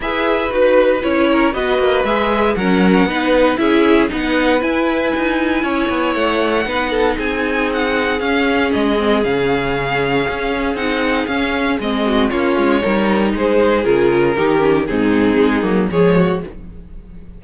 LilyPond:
<<
  \new Staff \with { instrumentName = "violin" } { \time 4/4 \tempo 4 = 117 e''4 b'4 cis''4 dis''4 | e''4 fis''2 e''4 | fis''4 gis''2. | fis''2 gis''4 fis''4 |
f''4 dis''4 f''2~ | f''4 fis''4 f''4 dis''4 | cis''2 c''4 ais'4~ | ais'4 gis'2 cis''4 | }
  \new Staff \with { instrumentName = "violin" } { \time 4/4 b'2~ b'8 ais'8 b'4~ | b'4 ais'4 b'4 gis'4 | b'2. cis''4~ | cis''4 b'8 a'8 gis'2~ |
gis'1~ | gis'2.~ gis'8 fis'8 | f'4 ais'4 gis'2 | g'4 dis'2 gis'8 fis'8 | }
  \new Staff \with { instrumentName = "viola" } { \time 4/4 gis'4 fis'4 e'4 fis'4 | gis'4 cis'4 dis'4 e'4 | dis'4 e'2.~ | e'4 dis'2. |
cis'4. c'8 cis'2~ | cis'4 dis'4 cis'4 c'4 | cis'4 dis'2 f'4 | dis'8 cis'8 c'4. ais8 gis4 | }
  \new Staff \with { instrumentName = "cello" } { \time 4/4 e'4 dis'4 cis'4 b8 ais8 | gis4 fis4 b4 cis'4 | b4 e'4 dis'4 cis'8 b8 | a4 b4 c'2 |
cis'4 gis4 cis2 | cis'4 c'4 cis'4 gis4 | ais8 gis8 g4 gis4 cis4 | dis4 gis,4 gis8 fis8 f4 | }
>>